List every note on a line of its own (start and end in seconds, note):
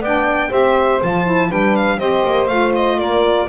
0.00 0.50 B3
0.00 0.50 D4
0.00 0.49 D5
0.00 0.52 G5
0.49 1.01 C4
0.49 1.00 G4
0.49 1.48 C5
0.49 1.02 E5
1.01 1.51 F3
1.01 1.25 F4
1.01 1.52 A5
1.25 1.50 E4
1.49 1.99 G3
1.49 1.99 D4
1.49 1.98 B4
1.49 1.76 G5
1.76 1.99 F5
1.99 2.23 C4
1.99 2.48 G4
1.99 2.98 C5
1.99 2.47 D#5
2.25 2.49 A#3
2.47 2.98 A3
2.47 3.48 F4
2.47 2.72 F5
2.75 2.99 D#5
2.98 3.48 A#3
2.98 3.48 A#4
2.98 3.49 D5